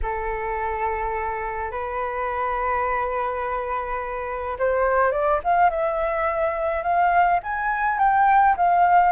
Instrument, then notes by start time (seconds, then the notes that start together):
flute
0.02 A4
1.71 B4
4.58 C5
5.11 D5
5.44 F5
5.70 E5
6.82 F5
7.43 G#5
7.98 G5
8.56 F5